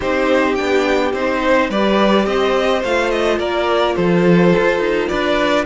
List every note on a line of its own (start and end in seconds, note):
0.00 0.58 C4
0.00 0.57 D#4
0.00 1.40 G4
0.00 0.55 C5
0.55 1.12 B3
0.55 1.13 D4
0.55 1.11 G5
1.12 1.69 C4
1.12 1.71 D#4
1.12 1.70 C5
1.43 1.70 C5
1.69 2.26 G3
1.69 2.84 G4
1.69 2.26 B4
1.69 2.25 D5
2.25 2.82 C4
2.25 3.38 C5
2.25 2.82 D#5
2.83 3.38 A3
2.83 5.65 F4
2.83 3.10 F5
3.10 3.38 D#5
3.38 3.95 A#3
3.38 3.95 A#4
3.38 3.95 D5
3.95 4.53 F3
3.95 5.09 A4
3.95 5.08 C5
4.57 4.79 F4
4.79 5.07 D#4
5.08 5.65 D4
5.08 5.65 B4
5.08 5.65 D5